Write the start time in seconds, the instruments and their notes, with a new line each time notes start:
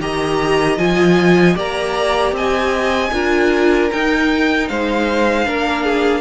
0.00 cello D#3, viola G4, violin D#5 A#5
0.78 cello F3, viola F4, violin G#5
1.55 cello A#3, viola G4, violin D5 A#5
2.33 cello C4, violin D#5 G#5
3.13 cello D4, viola F4, violin A#4
3.91 viola D#4, cello D#4, violin G5
4.69 cello G#3, violin C5 F5
5.45 cello A#3, viola D4, violin A#4
5.84 violin G#4